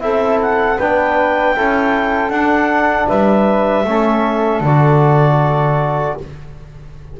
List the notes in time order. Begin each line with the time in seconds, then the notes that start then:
0.00 C4 E4 A4 E5
0.42 F#5
0.78 B3 D4 B4 G5
1.55 C#4 E4 A4
2.29 D4 F#5
3.08 G3 B4 E5
3.84 A3 C#4 A4
4.61 D3 F#4 D5